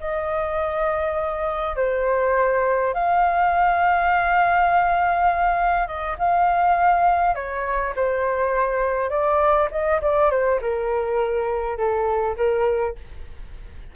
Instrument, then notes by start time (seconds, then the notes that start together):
flute
0.00 D#5
1.76 C5
2.94 F5
5.87 D#5
6.19 F5
7.35 C#5
7.96 C5
9.10 D5
9.71 D#5
10.02 D5
10.31 C5
10.61 A#4
11.78 A4
12.37 A#4